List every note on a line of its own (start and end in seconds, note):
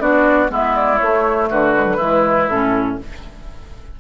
0.00 0.50 B3
0.00 0.49 D4
0.00 0.51 F#4
0.00 0.50 D5
0.49 0.99 G#3
0.49 0.98 B3
0.49 1.50 E4
0.49 0.76 E5
0.76 0.98 D5
0.98 1.51 A3
0.98 1.75 A3
0.98 1.47 C#5
1.50 1.99 D3
1.50 1.97 F#4
1.50 2.49 B4
1.75 1.86 G#3
1.86 1.98 F#3
1.97 2.48 E3
1.97 2.49 G#3
1.97 2.95 E4
2.49 2.98 A2
2.49 3.00 C#4
2.49 2.98 A4